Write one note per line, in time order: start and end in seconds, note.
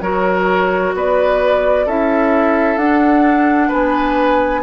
0.00 0.92 F#3
0.00 1.86 F#4
0.00 0.94 A#4
0.00 0.92 C#5
0.94 1.86 B3
0.94 1.86 B4
0.94 1.88 D5
1.86 2.76 C#4
1.86 2.78 E4
1.86 3.68 A4
1.86 2.77 E5
2.76 3.68 D4
2.76 4.63 D4
2.76 3.70 F#5
3.68 4.63 B3
3.68 4.60 B4
3.68 4.63 G#5